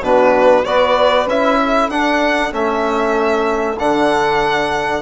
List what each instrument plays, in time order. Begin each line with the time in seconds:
0.00 bassoon B2, trombone D4, saxophone F#4, violin B4
0.65 bassoon B3, trombone F#4, saxophone B4, violin D5
1.26 bassoon C#4, trombone E4, violin E5
1.60 saxophone A4
1.89 bassoon D4, trombone D4, violin F#5
2.52 bassoon A3, trombone C#4, violin E5
3.79 bassoon D3, trombone D4, violin F#5